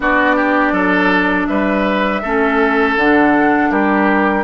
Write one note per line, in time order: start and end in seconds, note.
0.00 0.72 B3
0.00 2.21 D4
0.00 0.35 F#4
0.00 1.46 D5
0.35 0.72 G4
0.72 1.46 F#3
0.72 1.46 A4
1.46 2.23 G3
1.46 2.22 B4
1.46 2.94 E5
2.22 2.96 A3
2.22 2.99 C#4
2.22 3.70 A4
2.96 3.70 D3
2.96 4.43 D4
2.96 3.71 F#5
3.70 4.43 G3
3.70 4.43 G4
3.70 4.43 A#4